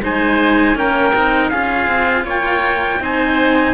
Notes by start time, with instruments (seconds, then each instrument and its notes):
0.00 cello G#3 D#4, oboe C5, trumpet G#5
0.75 cello A#3 C#4, oboe A#4, trumpet G5
1.13 cello C4 D#4
1.49 cello C#4 F4, oboe G#4, trumpet F5
1.87 cello C4
2.24 cello A#3, oboe C#5, trumpet G5
3.00 cello C4 D#4, oboe C5, trumpet G#5